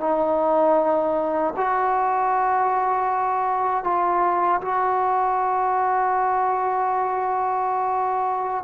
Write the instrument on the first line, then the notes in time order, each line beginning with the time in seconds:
trombone
0.00 D#4
1.57 F#4
3.84 F4
4.61 F#4